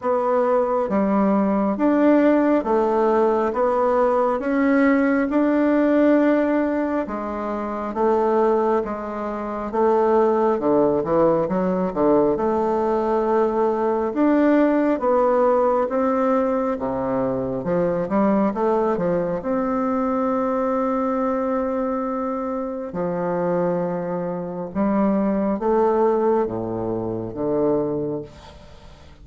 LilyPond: \new Staff \with { instrumentName = "bassoon" } { \time 4/4 \tempo 4 = 68 b4 g4 d'4 a4 | b4 cis'4 d'2 | gis4 a4 gis4 a4 | d8 e8 fis8 d8 a2 |
d'4 b4 c'4 c4 | f8 g8 a8 f8 c'2~ | c'2 f2 | g4 a4 a,4 d4 | }